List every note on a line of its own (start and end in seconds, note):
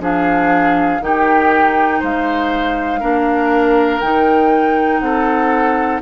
0.00 1.00 F3
0.00 1.01 D4
0.00 1.01 G#4
0.00 1.03 F5
1.00 2.00 D#3
1.00 3.01 D#4
1.00 2.00 G4
1.00 2.03 G5
2.00 3.02 G#3
2.00 3.00 C5
2.00 4.00 F5
3.00 4.02 A#3
3.00 4.01 D4
3.00 5.00 A#4
4.00 5.00 D#3
4.00 6.01 D#4
4.00 5.00 G5
5.00 6.00 C4
5.00 6.01 A4
5.00 6.00 F#5